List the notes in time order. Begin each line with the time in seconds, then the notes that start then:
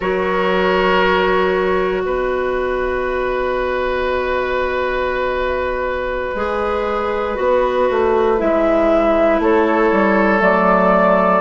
0.00 F#3 F#4 A#4 C#5
2.01 B3 B4 D#5
6.35 G#3 G#4
7.35 B3 F#4
7.90 A3
8.38 G#3 E4 E5
9.39 A3 A4 C#5
9.91 G3
10.39 F#3 A3 D5